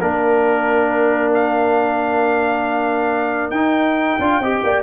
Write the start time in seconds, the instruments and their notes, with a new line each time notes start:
0.00 tuba A#3, trombone D4, trumpet A#4, horn A#4
1.34 trumpet F5
3.50 tuba D#4, trombone D#4, trumpet G5
4.18 tuba D4, trombone F4
4.39 tuba C4, trombone G4, horn D#5
4.63 tuba A#3, horn D5